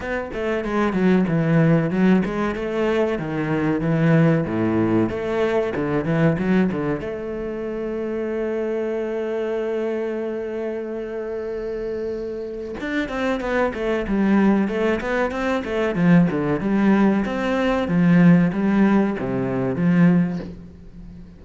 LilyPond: \new Staff \with { instrumentName = "cello" } { \time 4/4 \tempo 4 = 94 b8 a8 gis8 fis8 e4 fis8 gis8 | a4 dis4 e4 a,4 | a4 d8 e8 fis8 d8 a4~ | a1~ |
a1 | d'8 c'8 b8 a8 g4 a8 b8 | c'8 a8 f8 d8 g4 c'4 | f4 g4 c4 f4 | }